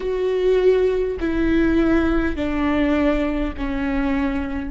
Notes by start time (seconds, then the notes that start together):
0.00 F#4
1.20 E4
2.35 D4
3.57 C#4